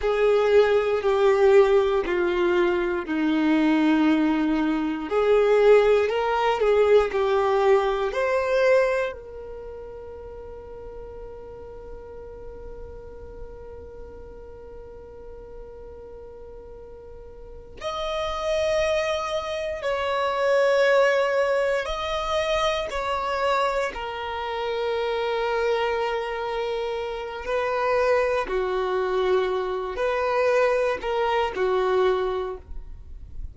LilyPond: \new Staff \with { instrumentName = "violin" } { \time 4/4 \tempo 4 = 59 gis'4 g'4 f'4 dis'4~ | dis'4 gis'4 ais'8 gis'8 g'4 | c''4 ais'2.~ | ais'1~ |
ais'4. dis''2 cis''8~ | cis''4. dis''4 cis''4 ais'8~ | ais'2. b'4 | fis'4. b'4 ais'8 fis'4 | }